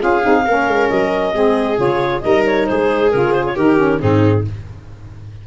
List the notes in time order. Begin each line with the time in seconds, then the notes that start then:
0.00 C#4 F4 G#4 F5
0.23 C4 D#4
0.46 A#3 C#4 A#4
0.68 G#3
0.90 F#3 D#5
1.34 G#3 C4 G#4
1.77 C#3 F4 C#5
2.21 G3 D#4 A#4 D#5
2.46 C#5
2.67 G#3 G#4 C5
3.11 C#3 F4 A#4
3.33 C5
3.46 C#5
3.56 D#3 D#4 G4 A#4
3.77 C#4
4.00 G#2 C4 D#4 G#4